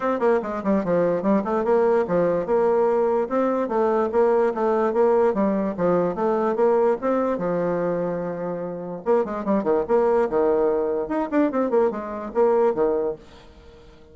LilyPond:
\new Staff \with { instrumentName = "bassoon" } { \time 4/4 \tempo 4 = 146 c'8 ais8 gis8 g8 f4 g8 a8 | ais4 f4 ais2 | c'4 a4 ais4 a4 | ais4 g4 f4 a4 |
ais4 c'4 f2~ | f2 ais8 gis8 g8 dis8 | ais4 dis2 dis'8 d'8 | c'8 ais8 gis4 ais4 dis4 | }